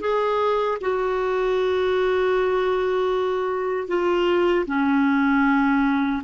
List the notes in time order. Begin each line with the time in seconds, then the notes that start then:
0.00 G#4
0.81 F#4
3.87 F4
4.66 C#4